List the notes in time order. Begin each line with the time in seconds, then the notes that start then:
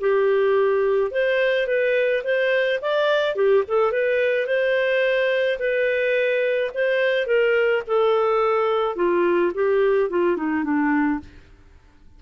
0.00 G4
1.11 C5
1.67 B4
2.23 C5
2.81 D5
3.35 G4
3.68 A4
3.92 B4
4.46 C5
5.58 B4
6.74 C5
7.26 A#4
7.87 A4
8.96 F4
9.54 G4
10.09 F4
10.36 D#4
10.64 D4